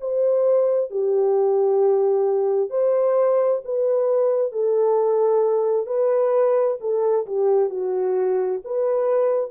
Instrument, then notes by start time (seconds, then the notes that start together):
horn
0.00 C5
0.90 G4
2.70 C5
3.64 B4
4.52 A4
5.86 B4
6.80 A4
7.26 G4
7.69 F#4
8.64 B4